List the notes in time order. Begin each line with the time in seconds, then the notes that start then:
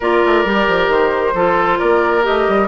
0.00 A#3 F4 A#4 D5
0.25 A3
0.44 G3 G4
0.67 F3
0.88 D#3 C5
1.33 F3 F4 A4
1.78 A#3 A#4 D5
2.22 A3 G4 D#5
2.48 G3